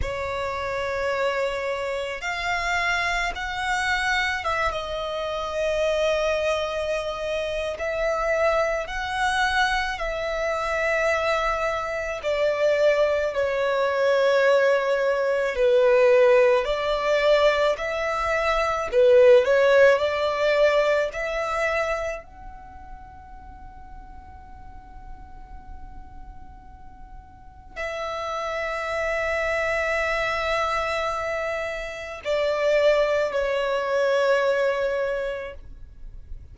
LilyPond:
\new Staff \with { instrumentName = "violin" } { \time 4/4 \tempo 4 = 54 cis''2 f''4 fis''4 | e''16 dis''2~ dis''8. e''4 | fis''4 e''2 d''4 | cis''2 b'4 d''4 |
e''4 b'8 cis''8 d''4 e''4 | fis''1~ | fis''4 e''2.~ | e''4 d''4 cis''2 | }